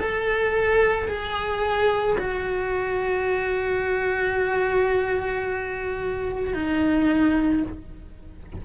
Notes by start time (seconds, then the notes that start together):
0.00 A4
1.08 G#4
2.18 F#4
6.54 D#4